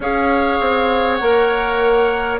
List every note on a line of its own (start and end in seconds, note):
0.00 0.58 C#4
0.00 1.21 G#4
0.00 2.39 C#5
0.00 1.16 F5
0.60 1.20 C4
1.16 2.39 A#3
1.16 2.39 A#4
1.16 2.36 F#5